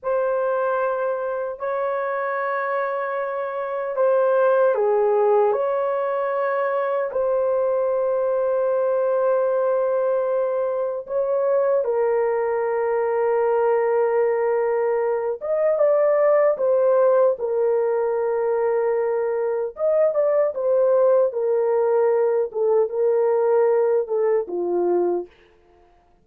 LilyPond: \new Staff \with { instrumentName = "horn" } { \time 4/4 \tempo 4 = 76 c''2 cis''2~ | cis''4 c''4 gis'4 cis''4~ | cis''4 c''2.~ | c''2 cis''4 ais'4~ |
ais'2.~ ais'8 dis''8 | d''4 c''4 ais'2~ | ais'4 dis''8 d''8 c''4 ais'4~ | ais'8 a'8 ais'4. a'8 f'4 | }